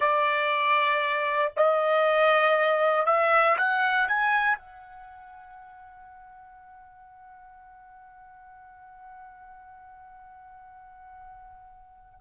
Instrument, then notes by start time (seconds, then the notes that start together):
trumpet
0.00 D5
1.56 D#5
3.06 E5
3.57 F#5
4.07 G#5
4.57 F#5